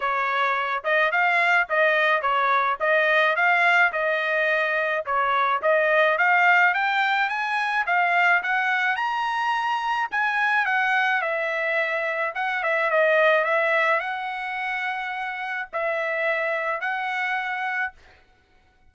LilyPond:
\new Staff \with { instrumentName = "trumpet" } { \time 4/4 \tempo 4 = 107 cis''4. dis''8 f''4 dis''4 | cis''4 dis''4 f''4 dis''4~ | dis''4 cis''4 dis''4 f''4 | g''4 gis''4 f''4 fis''4 |
ais''2 gis''4 fis''4 | e''2 fis''8 e''8 dis''4 | e''4 fis''2. | e''2 fis''2 | }